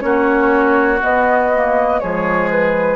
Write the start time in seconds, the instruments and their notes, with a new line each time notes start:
0.00 bassoon A#3, clarinet C#4, oboe F#4, flute C#5
1.01 clarinet B3, bassoon B3, flute D#5
1.54 clarinet A#3
2.00 bassoon F3, clarinet G#3, oboe G#4, flute C#5
2.51 flute B4